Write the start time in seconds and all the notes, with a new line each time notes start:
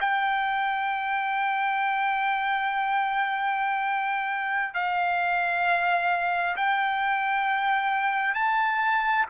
0.00 G5
4.74 F5
6.56 G5
8.34 A5